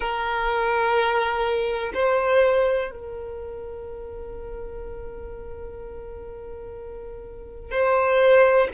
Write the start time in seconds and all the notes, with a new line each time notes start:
0.00 A#4
1.94 C5
2.90 A#4
7.71 C5